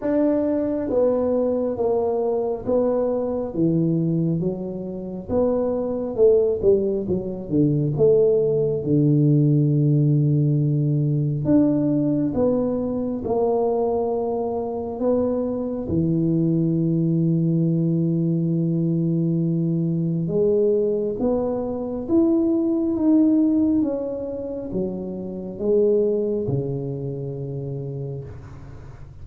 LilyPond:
\new Staff \with { instrumentName = "tuba" } { \time 4/4 \tempo 4 = 68 d'4 b4 ais4 b4 | e4 fis4 b4 a8 g8 | fis8 d8 a4 d2~ | d4 d'4 b4 ais4~ |
ais4 b4 e2~ | e2. gis4 | b4 e'4 dis'4 cis'4 | fis4 gis4 cis2 | }